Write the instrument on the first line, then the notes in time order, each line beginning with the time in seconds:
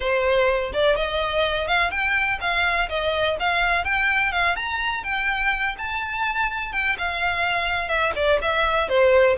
violin
0.00 C5
0.73 D5
0.96 D#5
1.67 F5
1.90 G5
2.40 F5
2.89 D#5
3.39 F5
3.84 G5
4.32 F5
4.56 A#5
5.03 G5
5.78 A5
6.72 G5
6.97 F5
7.88 E5
8.15 D5
8.41 E5
8.88 C5